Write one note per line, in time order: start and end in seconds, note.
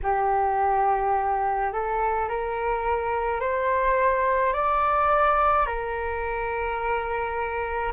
0.03 1.72 G4
1.72 2.28 A4
2.28 3.40 A#4
3.40 4.53 C5
4.53 5.66 D5
5.66 7.92 A#4